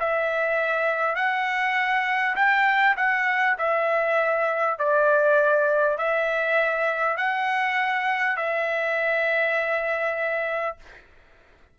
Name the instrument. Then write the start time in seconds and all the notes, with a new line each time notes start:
trumpet
0.00 E5
1.15 F#5
2.36 G5
2.97 F#5
3.58 E5
4.78 D5
5.97 E5
7.17 F#5
8.36 E5